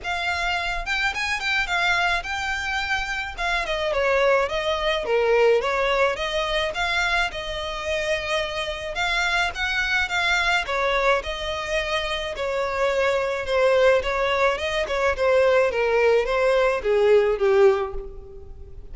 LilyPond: \new Staff \with { instrumentName = "violin" } { \time 4/4 \tempo 4 = 107 f''4. g''8 gis''8 g''8 f''4 | g''2 f''8 dis''8 cis''4 | dis''4 ais'4 cis''4 dis''4 | f''4 dis''2. |
f''4 fis''4 f''4 cis''4 | dis''2 cis''2 | c''4 cis''4 dis''8 cis''8 c''4 | ais'4 c''4 gis'4 g'4 | }